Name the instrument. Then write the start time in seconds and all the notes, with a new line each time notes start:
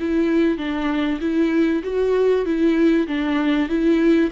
viola
0.00 E4
0.58 D4
1.21 E4
1.84 F#4
2.45 E4
3.07 D4
3.69 E4